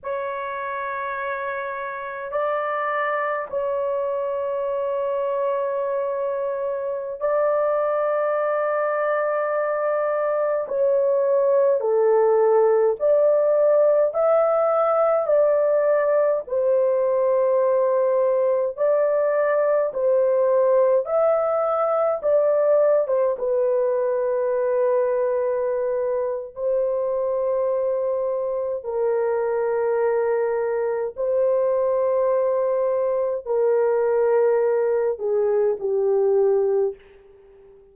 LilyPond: \new Staff \with { instrumentName = "horn" } { \time 4/4 \tempo 4 = 52 cis''2 d''4 cis''4~ | cis''2~ cis''16 d''4.~ d''16~ | d''4~ d''16 cis''4 a'4 d''8.~ | d''16 e''4 d''4 c''4.~ c''16~ |
c''16 d''4 c''4 e''4 d''8. | c''16 b'2~ b'8. c''4~ | c''4 ais'2 c''4~ | c''4 ais'4. gis'8 g'4 | }